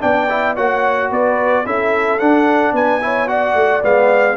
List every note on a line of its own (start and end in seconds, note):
0.00 0.57 B3
0.00 0.27 D4
0.00 0.56 D5
0.00 0.56 G5
0.29 0.56 E4
0.56 1.11 A#3
0.56 1.65 F#4
0.56 1.10 C#5
0.56 1.11 F#5
1.10 1.65 B3
1.10 1.65 B4
1.10 1.66 D5
1.65 2.20 C#4
1.65 2.20 E4
1.65 2.74 A4
1.65 2.19 E5
2.19 2.73 D4
2.19 3.01 D4
2.19 2.73 F#5
2.73 3.54 B3
2.73 3.01 B4
2.73 3.28 G#5
3.01 3.27 E4
3.01 3.30 C#5
3.27 3.81 F#4
3.27 4.36 D5
3.27 3.82 F#5
3.55 3.82 A3
3.83 4.36 G#3
3.83 4.36 B3
3.83 4.36 F5